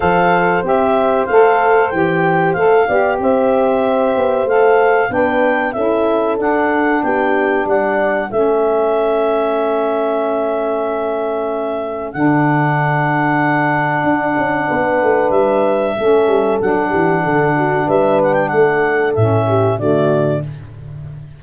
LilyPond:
<<
  \new Staff \with { instrumentName = "clarinet" } { \time 4/4 \tempo 4 = 94 f''4 e''4 f''4 g''4 | f''4 e''2 f''4 | g''4 e''4 fis''4 g''4 | fis''4 e''2.~ |
e''2. fis''4~ | fis''1 | e''2 fis''2 | e''8 fis''16 g''16 fis''4 e''4 d''4 | }
  \new Staff \with { instrumentName = "horn" } { \time 4/4 c''1~ | c''8 d''8 c''2. | b'4 a'2 g'4 | d''4 a'2.~ |
a'1~ | a'2. b'4~ | b'4 a'4. g'8 a'8 fis'8 | b'4 a'4. g'8 fis'4 | }
  \new Staff \with { instrumentName = "saxophone" } { \time 4/4 a'4 g'4 a'4 g'4 | a'8 g'2~ g'8 a'4 | d'4 e'4 d'2~ | d'4 cis'2.~ |
cis'2. d'4~ | d'1~ | d'4 cis'4 d'2~ | d'2 cis'4 a4 | }
  \new Staff \with { instrumentName = "tuba" } { \time 4/4 f4 c'4 a4 e4 | a8 b8 c'4. b8 a4 | b4 cis'4 d'4 b4 | g4 a2.~ |
a2. d4~ | d2 d'8 cis'8 b8 a8 | g4 a8 g8 fis8 e8 d4 | g4 a4 a,4 d4 | }
>>